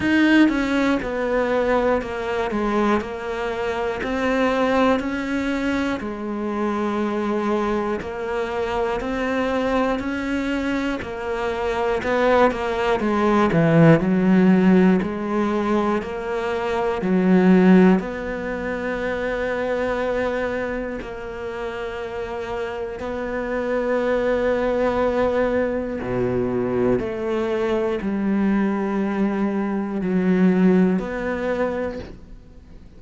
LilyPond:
\new Staff \with { instrumentName = "cello" } { \time 4/4 \tempo 4 = 60 dis'8 cis'8 b4 ais8 gis8 ais4 | c'4 cis'4 gis2 | ais4 c'4 cis'4 ais4 | b8 ais8 gis8 e8 fis4 gis4 |
ais4 fis4 b2~ | b4 ais2 b4~ | b2 b,4 a4 | g2 fis4 b4 | }